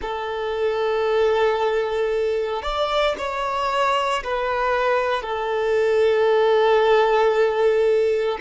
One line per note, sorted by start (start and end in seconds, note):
0.01 2.62 A4
2.62 3.15 D5
3.18 4.23 C#5
4.23 5.22 B4
5.22 8.38 A4